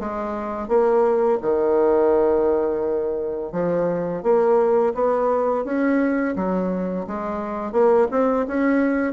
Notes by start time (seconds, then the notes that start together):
0.00 G#3
0.69 A#3
1.42 D#3
3.53 F3
4.24 A#3
4.94 B3
5.65 C#4
6.37 F#3
7.07 G#3
7.73 A#3
8.11 C4
8.48 C#4